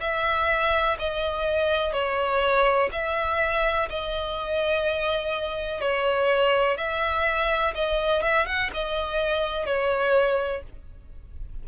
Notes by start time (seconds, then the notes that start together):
0.00 E5
0.99 D#5
1.93 C#5
2.92 E5
3.90 D#5
5.81 C#5
6.77 E5
7.75 D#5
8.22 E5
8.46 F#5
8.74 D#5
9.66 C#5